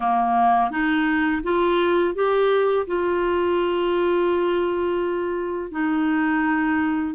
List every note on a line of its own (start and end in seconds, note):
0.00 0.70 A#3
0.70 1.42 D#4
1.43 2.14 F4
2.14 2.86 G4
2.86 5.71 F4
5.71 7.14 D#4